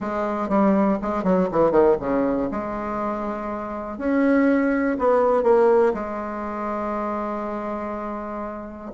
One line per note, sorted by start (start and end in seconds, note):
0.00 0.48 G#3
0.48 0.98 G3
1.02 1.23 G#3
1.23 1.48 F#3
1.51 1.71 E3
1.71 1.95 D#3
2.00 2.49 C#3
2.51 3.98 G#3
3.98 4.97 C#4
4.98 5.43 B3
5.43 5.92 A#3
5.94 8.91 G#3